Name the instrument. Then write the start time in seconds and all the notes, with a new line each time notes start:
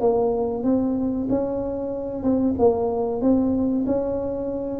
tuba
0.00 A#3
0.64 C4
1.29 C#4
2.23 C4
2.59 A#3
3.21 C4
3.86 C#4